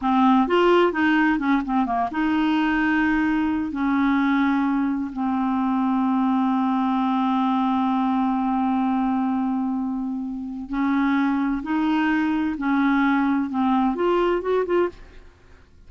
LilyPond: \new Staff \with { instrumentName = "clarinet" } { \time 4/4 \tempo 4 = 129 c'4 f'4 dis'4 cis'8 c'8 | ais8 dis'2.~ dis'8 | cis'2. c'4~ | c'1~ |
c'1~ | c'2. cis'4~ | cis'4 dis'2 cis'4~ | cis'4 c'4 f'4 fis'8 f'8 | }